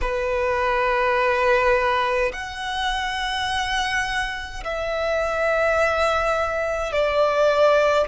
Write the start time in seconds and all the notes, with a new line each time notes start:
0.01 B4
2.32 F#5
4.64 E5
6.92 D5